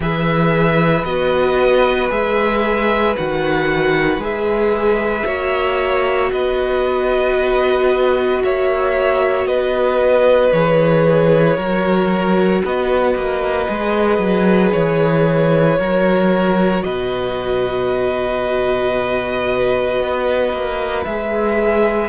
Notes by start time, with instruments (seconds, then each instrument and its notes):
0.00 cello E3, viola G#4, violin B4 E5
1.04 cello B3, viola F#4, violin D#5
2.09 cello G#3, viola G#4, violin E5
3.16 cello D#3, viola F#4, violin F#5
4.17 cello G#3, viola G#4, violin E5
5.24 cello A#3, viola F#4, violin C#5
6.32 cello B3, violin B4 D#5
8.43 cello A#3, violin C#5 E5
9.46 cello B3, violin B4 D#5
10.52 cello E3, viola G#4, violin C#5
11.57 cello F#3, viola F#4, violin A#4
12.64 cello B3, violin B4 D#5
13.15 cello A#3
13.68 cello G#3, viola G#4
14.18 cello F#3
14.73 cello E3, violin C#5
15.79 cello F#3, viola F#4, violin A#4
16.83 cello B2, violin B4 D#5
20.00 cello B3
20.52 cello A#3
21.04 cello G#3, viola G#4, violin E5